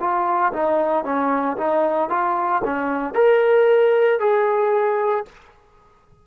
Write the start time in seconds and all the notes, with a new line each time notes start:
0.00 F4
0.54 D#4
1.05 C#4
1.57 D#4
2.10 F4
2.65 C#4
3.15 A#4
4.20 G#4